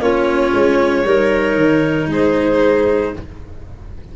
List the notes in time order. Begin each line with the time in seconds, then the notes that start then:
0.00 A#3 C#4 F4 C#5
0.54 G#3
1.05 G3 D#4 A#4
1.56 D#3
2.08 G#3 G#4 C5